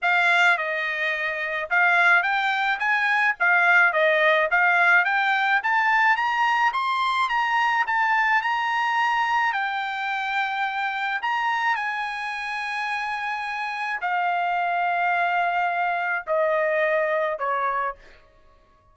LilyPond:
\new Staff \with { instrumentName = "trumpet" } { \time 4/4 \tempo 4 = 107 f''4 dis''2 f''4 | g''4 gis''4 f''4 dis''4 | f''4 g''4 a''4 ais''4 | c'''4 ais''4 a''4 ais''4~ |
ais''4 g''2. | ais''4 gis''2.~ | gis''4 f''2.~ | f''4 dis''2 cis''4 | }